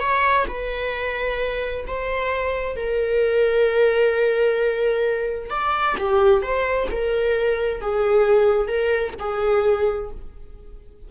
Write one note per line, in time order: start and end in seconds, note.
0.00 0.46 C#5
0.48 1.86 B4
1.87 2.76 C5
2.76 5.50 A#4
5.50 5.96 D5
5.98 6.42 G4
6.42 6.88 C5
6.91 7.81 A#4
7.81 8.68 G#4
8.68 9.14 A#4
9.19 10.11 G#4